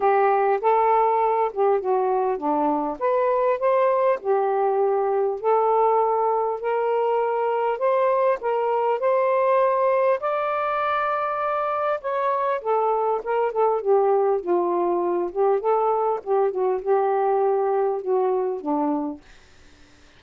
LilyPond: \new Staff \with { instrumentName = "saxophone" } { \time 4/4 \tempo 4 = 100 g'4 a'4. g'8 fis'4 | d'4 b'4 c''4 g'4~ | g'4 a'2 ais'4~ | ais'4 c''4 ais'4 c''4~ |
c''4 d''2. | cis''4 a'4 ais'8 a'8 g'4 | f'4. g'8 a'4 g'8 fis'8 | g'2 fis'4 d'4 | }